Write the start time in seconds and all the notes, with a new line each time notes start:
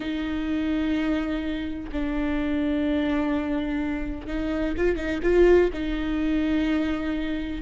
0.00 D#4
1.92 D4
4.27 D#4
4.77 F4
4.96 D#4
5.23 F4
5.73 D#4